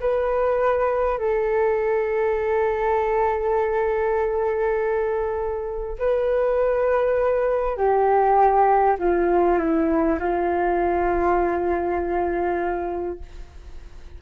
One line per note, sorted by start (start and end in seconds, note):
0.00 1.18 B4
1.18 5.98 A4
5.98 7.77 B4
7.77 8.97 G4
8.99 9.59 F4
9.59 10.19 E4
10.19 13.19 F4